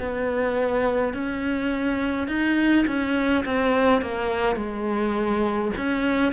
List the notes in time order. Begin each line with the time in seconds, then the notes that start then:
0.00 B3
1.14 C#4
2.28 D#4
2.87 C#4
3.46 C4
4.02 A#3
4.57 G#3
5.77 C#4